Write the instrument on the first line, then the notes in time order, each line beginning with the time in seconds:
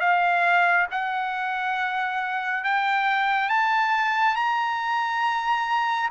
trumpet
0.00 F5
0.91 F#5
2.64 G5
3.49 A5
4.36 A#5